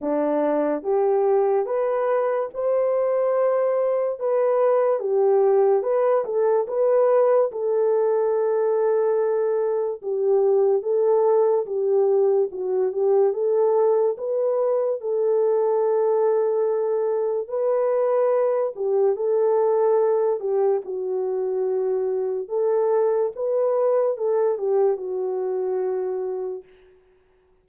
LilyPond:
\new Staff \with { instrumentName = "horn" } { \time 4/4 \tempo 4 = 72 d'4 g'4 b'4 c''4~ | c''4 b'4 g'4 b'8 a'8 | b'4 a'2. | g'4 a'4 g'4 fis'8 g'8 |
a'4 b'4 a'2~ | a'4 b'4. g'8 a'4~ | a'8 g'8 fis'2 a'4 | b'4 a'8 g'8 fis'2 | }